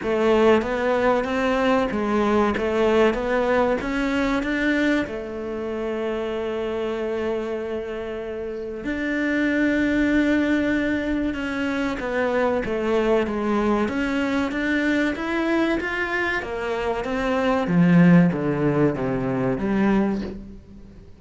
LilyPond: \new Staff \with { instrumentName = "cello" } { \time 4/4 \tempo 4 = 95 a4 b4 c'4 gis4 | a4 b4 cis'4 d'4 | a1~ | a2 d'2~ |
d'2 cis'4 b4 | a4 gis4 cis'4 d'4 | e'4 f'4 ais4 c'4 | f4 d4 c4 g4 | }